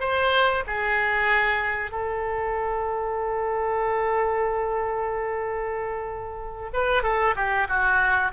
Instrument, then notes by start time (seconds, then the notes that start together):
oboe
0.00 C5
0.67 G#4
1.91 A4
6.73 B4
7.03 A4
7.35 G4
7.68 F#4